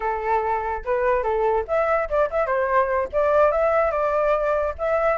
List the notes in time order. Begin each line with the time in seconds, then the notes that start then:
0.00 A4
0.85 B4
1.23 A4
1.67 E5
2.09 D5
2.30 E5
2.46 C5
3.12 D5
3.51 E5
3.91 D5
4.78 E5